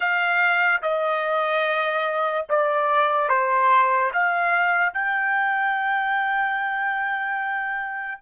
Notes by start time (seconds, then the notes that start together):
0.00 F5
0.81 D#5
2.49 D5
3.28 C5
4.13 F5
4.93 G5